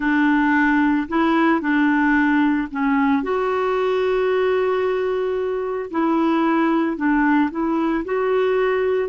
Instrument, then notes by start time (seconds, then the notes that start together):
clarinet
0.00 D4
1.08 E4
1.61 D4
2.71 C#4
3.22 F#4
5.90 E4
6.96 D4
7.50 E4
8.05 F#4